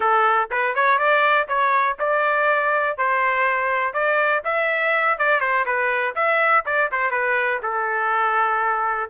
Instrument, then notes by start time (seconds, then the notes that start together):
trumpet
0.00 A4
0.50 B4
0.75 C#5
0.98 D5
1.48 C#5
1.99 D5
2.97 C5
3.93 D5
4.44 E5
5.18 D5
5.40 C5
5.65 B4
6.15 E5
6.65 D5
6.91 C5
7.10 B4
7.62 A4